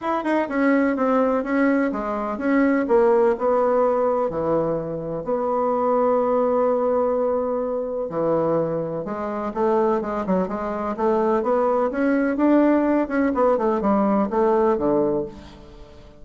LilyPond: \new Staff \with { instrumentName = "bassoon" } { \time 4/4 \tempo 4 = 126 e'8 dis'8 cis'4 c'4 cis'4 | gis4 cis'4 ais4 b4~ | b4 e2 b4~ | b1~ |
b4 e2 gis4 | a4 gis8 fis8 gis4 a4 | b4 cis'4 d'4. cis'8 | b8 a8 g4 a4 d4 | }